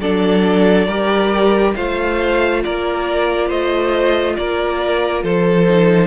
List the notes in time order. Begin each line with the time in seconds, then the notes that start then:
0.00 F#3 D4 A4 D5
0.87 G3 G4 A#4
1.76 A3 F4 C5 F5
2.64 A#3 A#4 D5
3.47 A3 C5 D#5
4.36 A#3 A#4 D5
5.24 F3 A4 C5
5.68 D#4